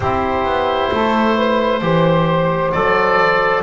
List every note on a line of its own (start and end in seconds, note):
0.00 0.44 C4
0.00 1.81 E4
0.00 0.90 G4
0.00 2.72 C5
0.44 0.90 B3
0.91 1.81 A3
0.91 1.35 A4
1.35 1.80 B4
1.81 2.72 E3
1.81 2.72 G4
1.81 3.62 C5
2.72 3.62 F#3
2.72 3.62 A4
2.72 3.62 D5